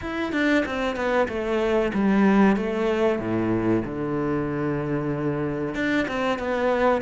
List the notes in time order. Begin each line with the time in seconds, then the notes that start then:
0.01 E4
0.32 D4
0.65 C4
0.95 B3
1.28 A3
1.93 G3
2.56 A3
3.19 A2
3.84 D3
5.74 D4
6.08 C4
6.38 B3